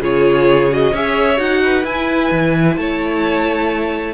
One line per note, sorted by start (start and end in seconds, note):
0.00 0.92 C#3
0.00 0.70 F4
0.00 0.91 G#4
0.00 0.73 C#5
0.70 0.93 F#4
0.70 0.95 D#5
0.91 1.38 C#4
0.91 1.36 G#4
0.91 1.60 C#5
0.91 1.40 E5
1.36 1.84 D#4
1.36 1.83 F#4
1.36 1.85 F#5
1.63 2.79 B4
1.84 2.30 E4
1.84 4.14 E4
1.84 2.76 G#5
2.31 2.77 E3
2.76 4.14 A3
2.76 4.14 C#5
2.76 4.14 A5